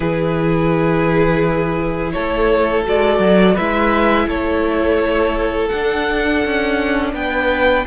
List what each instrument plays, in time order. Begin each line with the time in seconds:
0.00 cello E3, viola E4, violin G#4 B4
2.12 cello A3, violin A4 C#5
2.84 cello G#3, viola F#4, violin D5
3.19 cello F#3
3.54 cello G#3, viola E4, violin B4 E5
4.27 cello A3, violin A4 C#5
5.68 cello D4, viola D4, violin F#5
6.44 cello C#4
7.13 cello B3, violin B4 G5